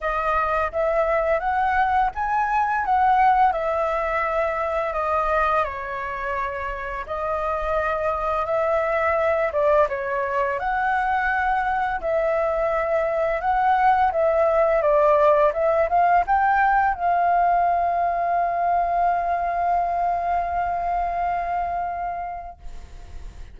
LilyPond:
\new Staff \with { instrumentName = "flute" } { \time 4/4 \tempo 4 = 85 dis''4 e''4 fis''4 gis''4 | fis''4 e''2 dis''4 | cis''2 dis''2 | e''4. d''8 cis''4 fis''4~ |
fis''4 e''2 fis''4 | e''4 d''4 e''8 f''8 g''4 | f''1~ | f''1 | }